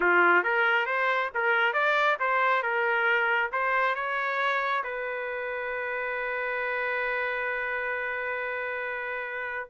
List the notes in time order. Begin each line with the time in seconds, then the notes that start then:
0.00 F4
0.43 A#4
0.86 C5
1.34 A#4
1.73 D5
2.19 C5
2.62 A#4
3.52 C5
3.95 C#5
4.83 B4